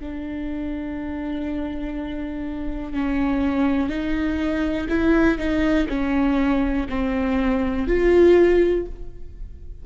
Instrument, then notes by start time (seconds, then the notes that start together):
viola
0.00 D4
2.93 C#4
3.89 D#4
4.89 E4
5.38 D#4
5.88 C#4
6.89 C4
7.87 F4